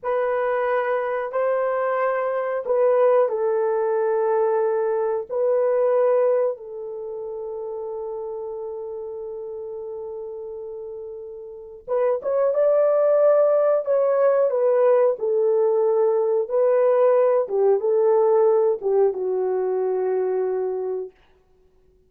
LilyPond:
\new Staff \with { instrumentName = "horn" } { \time 4/4 \tempo 4 = 91 b'2 c''2 | b'4 a'2. | b'2 a'2~ | a'1~ |
a'2 b'8 cis''8 d''4~ | d''4 cis''4 b'4 a'4~ | a'4 b'4. g'8 a'4~ | a'8 g'8 fis'2. | }